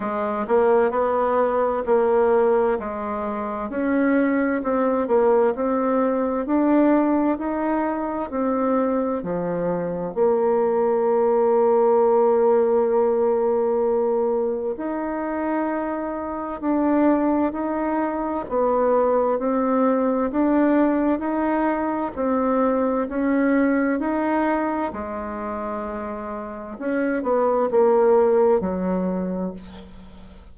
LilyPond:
\new Staff \with { instrumentName = "bassoon" } { \time 4/4 \tempo 4 = 65 gis8 ais8 b4 ais4 gis4 | cis'4 c'8 ais8 c'4 d'4 | dis'4 c'4 f4 ais4~ | ais1 |
dis'2 d'4 dis'4 | b4 c'4 d'4 dis'4 | c'4 cis'4 dis'4 gis4~ | gis4 cis'8 b8 ais4 fis4 | }